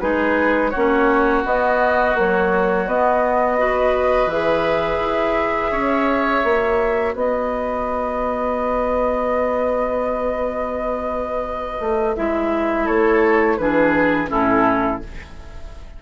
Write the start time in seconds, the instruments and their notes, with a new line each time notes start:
0.00 bassoon G#3, clarinet D#4, oboe G#4, flute B4
0.70 bassoon A#3, clarinet C#4, oboe F#4, flute C#5
1.45 bassoon B3, clarinet B3, flute D#5
2.14 clarinet F#3, bassoon A#3, flute C#5
2.86 bassoon B3, clarinet B3, flute D#5
3.58 clarinet F#4, oboe B4
4.26 bassoon E3, clarinet G#4, flute E5
5.00 bassoon E4
5.71 bassoon C#4, oboe C#5
6.44 bassoon A#3, clarinet F#4
7.14 bassoon B3, oboe B4, flute D#5
11.80 bassoon A3
12.16 bassoon G#3, clarinet E4, flute E5
12.84 bassoon A3, oboe A4, flute C#5
13.57 bassoon E3, clarinet D4, oboe G#4, flute B4
14.27 bassoon A2, clarinet C#4, oboe E4, flute A4